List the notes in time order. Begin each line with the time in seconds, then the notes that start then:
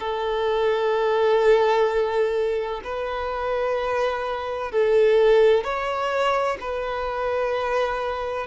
0.00 A4
2.84 B4
4.72 A4
5.64 C#5
6.61 B4